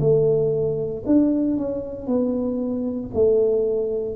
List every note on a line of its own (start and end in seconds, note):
0.00 1.03 A3
1.06 1.58 D4
1.58 2.07 C#4
2.07 3.10 B3
3.14 4.16 A3